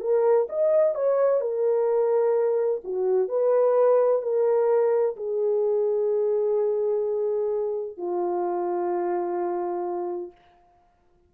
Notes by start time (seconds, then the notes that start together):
0.00 A#4
0.49 D#5
0.95 C#5
1.40 A#4
2.84 F#4
3.28 B4
4.22 A#4
5.16 G#4
7.97 F4